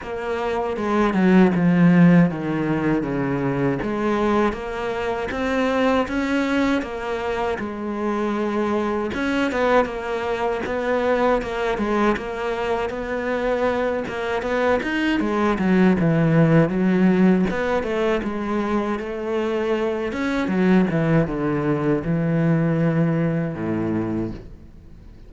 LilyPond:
\new Staff \with { instrumentName = "cello" } { \time 4/4 \tempo 4 = 79 ais4 gis8 fis8 f4 dis4 | cis4 gis4 ais4 c'4 | cis'4 ais4 gis2 | cis'8 b8 ais4 b4 ais8 gis8 |
ais4 b4. ais8 b8 dis'8 | gis8 fis8 e4 fis4 b8 a8 | gis4 a4. cis'8 fis8 e8 | d4 e2 a,4 | }